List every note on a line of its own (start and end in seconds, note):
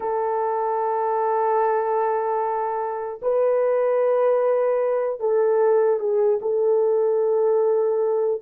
0.00 3.20 A4
3.22 5.20 B4
5.20 5.99 A4
5.99 6.39 G#4
6.41 8.41 A4